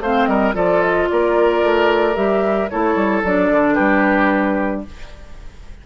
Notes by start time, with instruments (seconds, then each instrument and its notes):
0.00 bassoon A3, clarinet C4, oboe C5, flute F5
0.26 bassoon G3, oboe A#4, flute D#5
0.54 bassoon F3, clarinet F4, oboe A4, flute D5
0.82 flute D#5
1.09 bassoon A#3, oboe A#4, flute D5
1.63 bassoon A3
2.14 bassoon G3, clarinet G4, flute E5
2.69 bassoon A3, clarinet E4, oboe A4, flute C#5
2.95 bassoon G3
3.24 bassoon F#3, clarinet D4, flute D5
3.51 bassoon D3
3.74 bassoon G3, oboe G4, flute B4